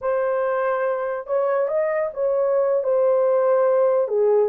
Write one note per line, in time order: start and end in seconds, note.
0.01 1.26 C5
1.26 1.67 C#5
1.67 2.09 D#5
2.13 2.83 C#5
2.83 4.08 C5
4.08 4.49 G#4